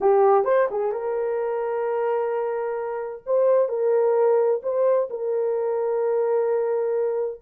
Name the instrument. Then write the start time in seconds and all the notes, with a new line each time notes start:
horn
0.00 G4
0.44 C5
0.70 G#4
0.92 A#4
3.26 C5
3.68 A#4
4.62 C5
5.10 A#4